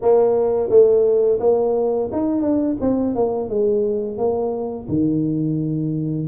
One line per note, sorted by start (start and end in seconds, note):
0.01 0.69 A#3
0.69 1.39 A3
1.40 2.09 A#3
2.12 2.41 D#4
2.41 2.76 D4
2.80 3.15 C4
3.15 3.49 A#3
3.49 4.17 G#3
4.17 4.87 A#3
4.88 6.27 D#3